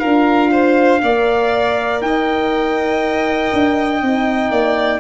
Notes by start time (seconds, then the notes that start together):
0.00 D4 F4 A#4 F5
0.52 C5
1.03 A#3 A#4 D5
2.02 D#4 D#5 G5
3.53 D4
4.03 C4 D#4
4.51 A#3 D5